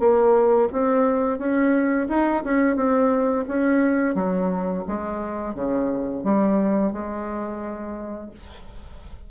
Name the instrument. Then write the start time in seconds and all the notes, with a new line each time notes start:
bassoon
0.00 A#3
0.73 C4
1.39 C#4
2.09 D#4
2.45 C#4
2.76 C4
3.48 C#4
4.15 F#3
4.88 G#3
5.55 C#3
6.24 G3
6.93 G#3